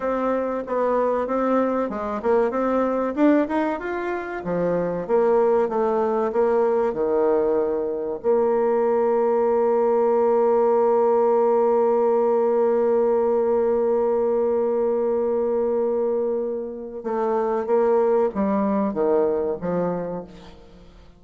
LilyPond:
\new Staff \with { instrumentName = "bassoon" } { \time 4/4 \tempo 4 = 95 c'4 b4 c'4 gis8 ais8 | c'4 d'8 dis'8 f'4 f4 | ais4 a4 ais4 dis4~ | dis4 ais2.~ |
ais1~ | ais1~ | ais2. a4 | ais4 g4 dis4 f4 | }